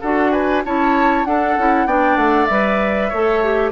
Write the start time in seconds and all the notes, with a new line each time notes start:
0.00 D4 F#4 A4 F#5
0.31 B4 G#5
0.64 C#4 E4 C#5 A5
1.24 D4 A4 F#5
1.57 C#4 E4
1.85 B3 D4 D5 G5
2.16 A3 F#5
2.45 G3 B4 E5
3.08 A3 A4 C#5
3.43 G4